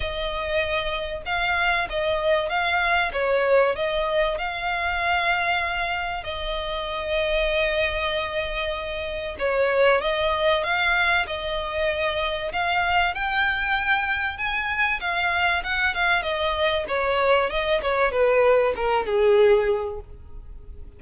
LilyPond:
\new Staff \with { instrumentName = "violin" } { \time 4/4 \tempo 4 = 96 dis''2 f''4 dis''4 | f''4 cis''4 dis''4 f''4~ | f''2 dis''2~ | dis''2. cis''4 |
dis''4 f''4 dis''2 | f''4 g''2 gis''4 | f''4 fis''8 f''8 dis''4 cis''4 | dis''8 cis''8 b'4 ais'8 gis'4. | }